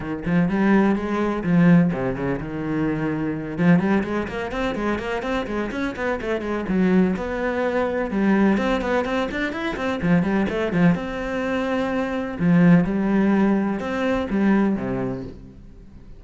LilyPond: \new Staff \with { instrumentName = "cello" } { \time 4/4 \tempo 4 = 126 dis8 f8 g4 gis4 f4 | c8 cis8 dis2~ dis8 f8 | g8 gis8 ais8 c'8 gis8 ais8 c'8 gis8 | cis'8 b8 a8 gis8 fis4 b4~ |
b4 g4 c'8 b8 c'8 d'8 | e'8 c'8 f8 g8 a8 f8 c'4~ | c'2 f4 g4~ | g4 c'4 g4 c4 | }